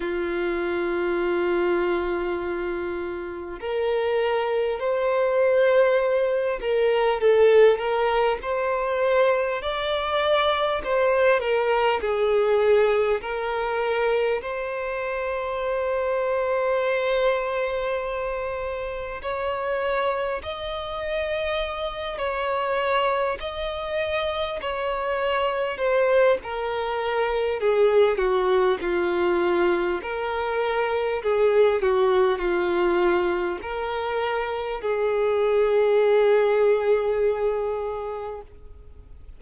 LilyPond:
\new Staff \with { instrumentName = "violin" } { \time 4/4 \tempo 4 = 50 f'2. ais'4 | c''4. ais'8 a'8 ais'8 c''4 | d''4 c''8 ais'8 gis'4 ais'4 | c''1 |
cis''4 dis''4. cis''4 dis''8~ | dis''8 cis''4 c''8 ais'4 gis'8 fis'8 | f'4 ais'4 gis'8 fis'8 f'4 | ais'4 gis'2. | }